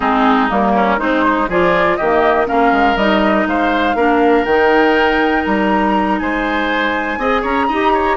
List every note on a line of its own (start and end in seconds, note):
0.00 0.50 G#3
0.00 0.49 C4
0.00 0.72 D#4
0.00 0.49 G#4
0.49 0.98 G3
0.49 0.97 A#3
0.49 0.99 A#4
0.73 0.98 C#4
0.97 1.47 G#3
0.97 1.24 C4
0.97 1.47 D#4
0.97 1.49 C5
1.24 1.49 D#4
1.48 1.98 F3
1.48 2.00 F4
1.48 1.97 G#4
1.48 1.96 D5
1.96 2.50 D#3
1.96 2.46 A#3
1.96 2.47 G4
1.96 2.46 D#5
2.46 2.72 A#3
2.46 2.96 C#4
2.46 3.47 A#4
2.46 2.97 F5
2.72 2.96 G#3
2.96 3.45 G3
2.96 3.96 D#4
2.96 3.46 D#5
3.46 3.94 G#3
3.46 3.96 C5
3.46 4.45 F5
3.94 4.44 A#3
3.94 4.46 D4
3.94 6.19 A#4
4.45 5.44 D#3
4.45 7.19 D#4
4.45 5.44 G5
5.45 6.20 G3
5.45 6.19 A#5
6.19 7.17 G#3
6.19 7.19 C5
6.19 7.43 G#5
7.17 7.42 C4
7.17 7.69 G#4
7.17 7.41 D#5
7.41 7.68 C#4
7.41 7.66 C#5
7.41 8.17 A#5
7.67 8.17 D#4
7.67 8.17 G4
7.67 7.92 D#5
7.93 8.17 C#5